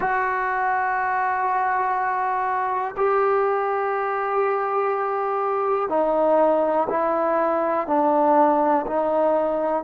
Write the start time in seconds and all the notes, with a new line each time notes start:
0.00 F#4
2.96 G4
5.89 D#4
6.89 E4
7.87 D4
8.86 D#4